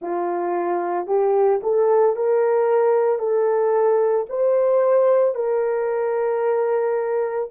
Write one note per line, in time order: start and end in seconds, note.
0.01 1.06 F4
1.06 1.60 G4
1.62 2.16 A4
2.16 3.19 A#4
3.19 4.26 A4
4.29 5.35 C5
5.35 7.49 A#4